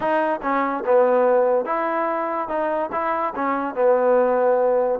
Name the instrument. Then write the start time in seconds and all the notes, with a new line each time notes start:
trombone
0.00 D#4
0.42 C#4
0.85 B3
1.65 E4
2.48 D#4
2.92 E4
3.35 C#4
3.74 B3